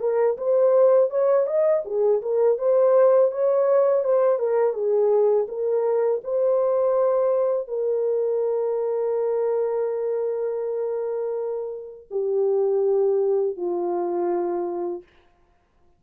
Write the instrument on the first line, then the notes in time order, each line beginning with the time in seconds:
horn
0.00 A#4
0.37 C5
1.10 C#5
1.46 D#5
1.85 G#4
2.22 A#4
2.58 C5
3.31 C#5
4.04 C5
4.39 A#4
4.73 G#4
5.48 A#4
6.24 C5
7.68 A#4
12.10 G4
13.56 F4